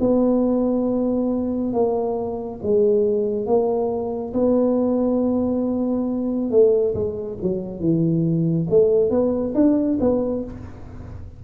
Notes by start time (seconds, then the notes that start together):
0.00 B3
1.73 A#3
2.63 G#3
3.47 A#3
4.34 B3
6.51 A3
6.95 G#3
7.42 F#3
7.80 E3
8.70 A3
9.11 B3
9.55 D4
10.01 B3